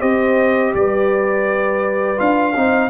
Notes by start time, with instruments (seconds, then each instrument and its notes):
0.00 tuba C4, trombone G4, horn C5, trumpet D#5
0.75 tuba G3, horn B4, trumpet D5
2.17 tuba D4, trombone F4, trumpet F5
2.55 tuba C4, trombone D#4, horn C5